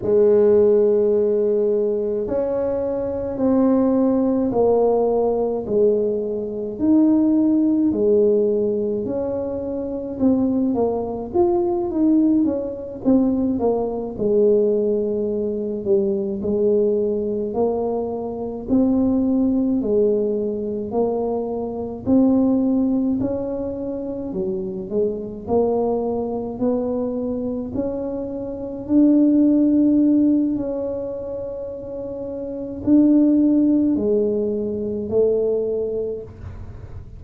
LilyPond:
\new Staff \with { instrumentName = "tuba" } { \time 4/4 \tempo 4 = 53 gis2 cis'4 c'4 | ais4 gis4 dis'4 gis4 | cis'4 c'8 ais8 f'8 dis'8 cis'8 c'8 | ais8 gis4. g8 gis4 ais8~ |
ais8 c'4 gis4 ais4 c'8~ | c'8 cis'4 fis8 gis8 ais4 b8~ | b8 cis'4 d'4. cis'4~ | cis'4 d'4 gis4 a4 | }